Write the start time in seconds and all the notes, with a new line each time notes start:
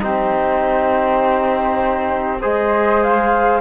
0.00 C4 D#4 G4 C5
2.41 G#3 G#4 C5 D#5
3.03 F5